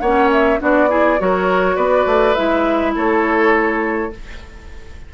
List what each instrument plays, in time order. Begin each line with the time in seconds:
0.00 bassoon A#3, clarinet C#4, oboe C#5, flute F#5
0.32 flute E5
0.60 bassoon B3, clarinet D4, oboe F#4, flute D5
0.89 clarinet E4, oboe G#4
1.19 bassoon F#3, clarinet F#4, oboe A#4, flute C#5
1.76 bassoon B3, oboe B4, flute D5
2.07 bassoon A3
2.35 bassoon G#3, clarinet E4, flute E5
2.96 bassoon A3, oboe A4, flute C#5